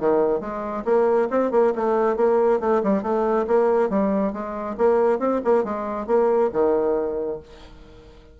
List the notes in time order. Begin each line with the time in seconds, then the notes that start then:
0.00 D#3
0.41 G#3
0.85 A#3
1.31 C4
1.52 A#3
1.75 A3
2.17 A#3
2.60 A3
2.83 G3
3.03 A3
3.47 A#3
3.90 G3
4.33 G#3
4.78 A#3
5.20 C4
5.44 A#3
5.64 G#3
6.07 A#3
6.53 D#3